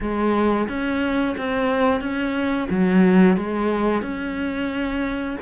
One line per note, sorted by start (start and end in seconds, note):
0.00 0.68 G#3
0.68 1.35 C#4
1.37 2.00 C4
2.00 2.68 C#4
2.70 3.36 F#3
3.36 4.01 G#3
4.01 5.36 C#4